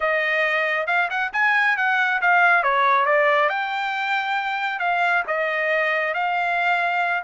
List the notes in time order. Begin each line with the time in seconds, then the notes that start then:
0.00 D#5
0.86 F5
1.10 F#5
1.33 G#5
1.76 F#5
2.21 F5
2.63 C#5
3.05 D5
3.49 G5
4.79 F5
5.27 D#5
6.13 F5